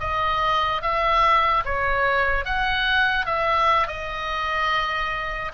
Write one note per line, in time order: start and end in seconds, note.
0.00 0.82 D#5
0.82 1.64 E5
1.65 2.45 C#5
2.45 3.26 F#5
3.26 3.87 E5
3.87 5.52 D#5